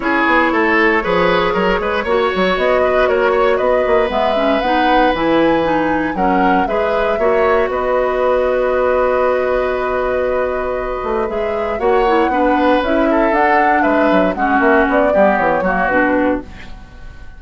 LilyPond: <<
  \new Staff \with { instrumentName = "flute" } { \time 4/4 \tempo 4 = 117 cis''1~ | cis''4 dis''4 cis''4 dis''4 | e''4 fis''4 gis''2 | fis''4 e''2 dis''4~ |
dis''1~ | dis''2 e''4 fis''4~ | fis''4 e''4 fis''4 e''4 | fis''8 e''8 d''4 cis''4 b'4 | }
  \new Staff \with { instrumentName = "oboe" } { \time 4/4 gis'4 a'4 b'4 ais'8 b'8 | cis''4. b'8 ais'8 cis''8 b'4~ | b'1 | ais'4 b'4 cis''4 b'4~ |
b'1~ | b'2. cis''4 | b'4. a'4. b'4 | fis'4. g'4 fis'4. | }
  \new Staff \with { instrumentName = "clarinet" } { \time 4/4 e'2 gis'2 | fis'1 | b8 cis'8 dis'4 e'4 dis'4 | cis'4 gis'4 fis'2~ |
fis'1~ | fis'2 gis'4 fis'8 e'8 | d'4 e'4 d'2 | cis'4. b4 ais8 d'4 | }
  \new Staff \with { instrumentName = "bassoon" } { \time 4/4 cis'8 b8 a4 f4 fis8 gis8 | ais8 fis8 b4 ais4 b8 ais8 | gis4 b4 e2 | fis4 gis4 ais4 b4~ |
b1~ | b4. a8 gis4 ais4 | b4 cis'4 d'4 gis8 fis8 | gis8 ais8 b8 g8 e8 fis8 b,4 | }
>>